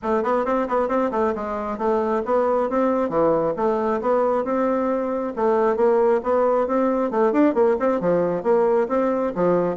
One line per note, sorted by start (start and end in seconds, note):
0.02 0.23 A3
0.23 0.45 B3
0.45 0.67 C4
0.67 0.88 B3
0.88 1.10 C4
1.11 1.33 A3
1.35 1.77 G#3
1.77 2.22 A3
2.25 2.69 B3
2.69 3.09 C4
3.09 3.53 E3
3.56 4.01 A3
4.01 4.44 B3
4.44 5.33 C4
5.36 5.76 A3
5.76 6.20 A#3
6.23 6.67 B3
6.67 7.11 C4
7.11 7.32 A3
7.32 7.54 D4
7.54 7.76 A#3
7.79 8.00 C4
8.00 8.43 F3
8.43 8.87 A#3
8.88 9.32 C4
9.35 9.76 F3